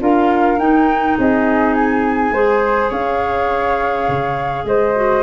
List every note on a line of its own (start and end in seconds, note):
0.00 0.58 D4
0.00 0.58 F4
0.00 1.19 A#4
0.00 0.59 F5
0.58 1.17 D#4
0.58 2.34 D#4
0.58 1.17 G5
1.18 2.32 C4
1.18 2.33 G#4
1.18 1.74 D#5
1.74 2.91 G#5
2.32 2.90 G#3
2.32 4.96 G#4
2.32 2.90 C5
2.90 4.08 C#4
2.90 4.64 C#5
2.90 4.67 F5
4.08 4.65 C#3
4.65 5.23 G#3
4.65 5.23 C5
4.65 5.23 D#5
4.96 5.23 F#4